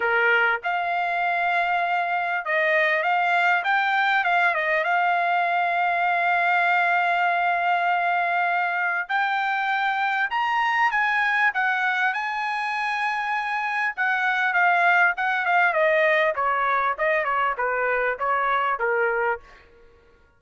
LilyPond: \new Staff \with { instrumentName = "trumpet" } { \time 4/4 \tempo 4 = 99 ais'4 f''2. | dis''4 f''4 g''4 f''8 dis''8 | f''1~ | f''2. g''4~ |
g''4 ais''4 gis''4 fis''4 | gis''2. fis''4 | f''4 fis''8 f''8 dis''4 cis''4 | dis''8 cis''8 b'4 cis''4 ais'4 | }